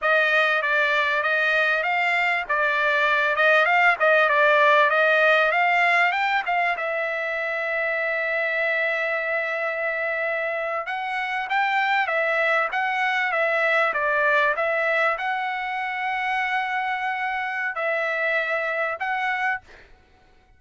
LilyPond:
\new Staff \with { instrumentName = "trumpet" } { \time 4/4 \tempo 4 = 98 dis''4 d''4 dis''4 f''4 | d''4. dis''8 f''8 dis''8 d''4 | dis''4 f''4 g''8 f''8 e''4~ | e''1~ |
e''4.~ e''16 fis''4 g''4 e''16~ | e''8. fis''4 e''4 d''4 e''16~ | e''8. fis''2.~ fis''16~ | fis''4 e''2 fis''4 | }